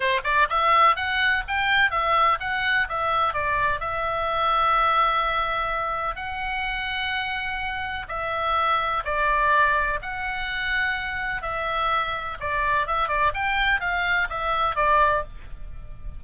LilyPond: \new Staff \with { instrumentName = "oboe" } { \time 4/4 \tempo 4 = 126 c''8 d''8 e''4 fis''4 g''4 | e''4 fis''4 e''4 d''4 | e''1~ | e''4 fis''2.~ |
fis''4 e''2 d''4~ | d''4 fis''2. | e''2 d''4 e''8 d''8 | g''4 f''4 e''4 d''4 | }